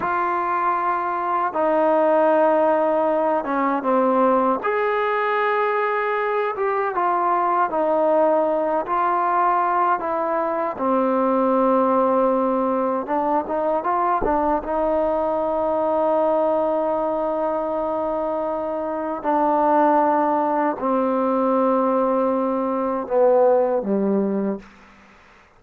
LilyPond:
\new Staff \with { instrumentName = "trombone" } { \time 4/4 \tempo 4 = 78 f'2 dis'2~ | dis'8 cis'8 c'4 gis'2~ | gis'8 g'8 f'4 dis'4. f'8~ | f'4 e'4 c'2~ |
c'4 d'8 dis'8 f'8 d'8 dis'4~ | dis'1~ | dis'4 d'2 c'4~ | c'2 b4 g4 | }